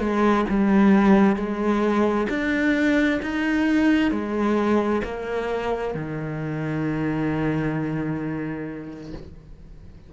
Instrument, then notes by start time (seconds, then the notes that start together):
cello
0.00 G#3
0.50 G3
1.37 G#3
2.30 D4
3.23 D#4
4.12 G#3
5.05 A#3
5.95 D#3